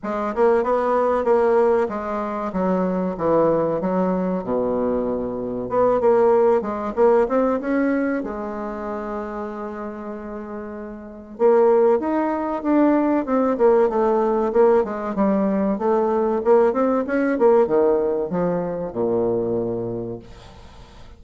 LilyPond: \new Staff \with { instrumentName = "bassoon" } { \time 4/4 \tempo 4 = 95 gis8 ais8 b4 ais4 gis4 | fis4 e4 fis4 b,4~ | b,4 b8 ais4 gis8 ais8 c'8 | cis'4 gis2.~ |
gis2 ais4 dis'4 | d'4 c'8 ais8 a4 ais8 gis8 | g4 a4 ais8 c'8 cis'8 ais8 | dis4 f4 ais,2 | }